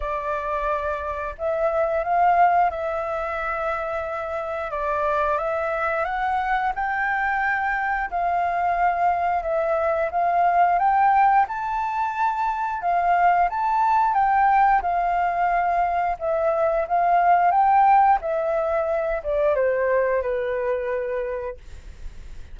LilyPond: \new Staff \with { instrumentName = "flute" } { \time 4/4 \tempo 4 = 89 d''2 e''4 f''4 | e''2. d''4 | e''4 fis''4 g''2 | f''2 e''4 f''4 |
g''4 a''2 f''4 | a''4 g''4 f''2 | e''4 f''4 g''4 e''4~ | e''8 d''8 c''4 b'2 | }